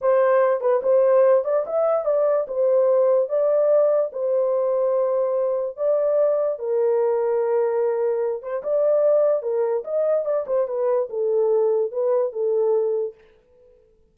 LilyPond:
\new Staff \with { instrumentName = "horn" } { \time 4/4 \tempo 4 = 146 c''4. b'8 c''4. d''8 | e''4 d''4 c''2 | d''2 c''2~ | c''2 d''2 |
ais'1~ | ais'8 c''8 d''2 ais'4 | dis''4 d''8 c''8 b'4 a'4~ | a'4 b'4 a'2 | }